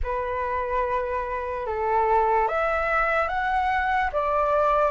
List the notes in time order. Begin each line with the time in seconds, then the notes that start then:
0.03 B4
1.66 A4
2.48 E5
3.28 F#5
4.12 D5